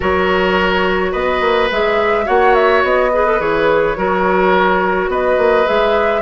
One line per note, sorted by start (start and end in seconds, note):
0.00 1.14 F#3
0.00 1.70 F#4
0.00 1.11 A#4
0.00 1.12 C#5
1.11 1.41 B3
1.11 2.25 B4
1.11 1.69 D#5
1.41 1.69 A#3
1.71 2.27 G#3
1.71 2.25 G#4
1.71 2.27 E5
2.25 2.83 A#3
2.25 3.09 F#4
2.25 3.10 C#5
2.25 2.54 F#5
2.54 2.82 E5
2.83 3.39 B3
2.83 3.40 D#5
3.12 3.26 G#4
3.12 3.97 B4
3.26 3.39 A4
3.39 3.96 E3
3.39 3.96 G#4
3.39 5.10 C#5
3.96 5.08 F#3
3.96 5.65 F#4
3.96 5.10 A#4
5.08 5.36 B3
5.08 6.21 B4
5.08 5.67 D#5
5.37 5.65 A#3
5.65 6.21 G#3
5.65 6.21 G#4
5.65 6.21 E5